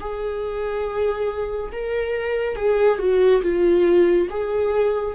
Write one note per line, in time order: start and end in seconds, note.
0.00 1.71 G#4
1.72 2.56 A#4
2.56 2.98 G#4
2.98 3.41 F#4
3.42 4.27 F4
4.30 5.14 G#4